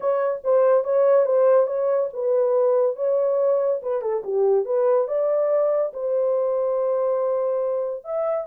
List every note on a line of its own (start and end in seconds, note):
0.00 0.41 C#5
0.44 0.83 C5
0.83 1.25 C#5
1.25 1.67 C5
1.67 2.09 C#5
2.13 2.96 B4
2.96 3.80 C#5
3.82 4.01 B4
4.01 4.22 A4
4.24 4.65 G4
4.65 5.07 B4
5.07 5.92 D5
5.93 8.04 C5
8.04 8.46 E5